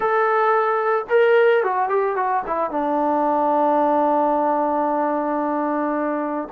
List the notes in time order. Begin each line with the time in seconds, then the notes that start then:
0.00 A4
1.09 A#4
1.63 F#4
1.88 G4
2.15 F#4
2.46 E4
2.70 D4